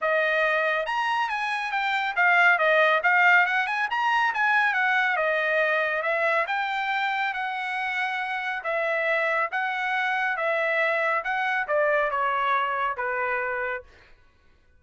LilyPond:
\new Staff \with { instrumentName = "trumpet" } { \time 4/4 \tempo 4 = 139 dis''2 ais''4 gis''4 | g''4 f''4 dis''4 f''4 | fis''8 gis''8 ais''4 gis''4 fis''4 | dis''2 e''4 g''4~ |
g''4 fis''2. | e''2 fis''2 | e''2 fis''4 d''4 | cis''2 b'2 | }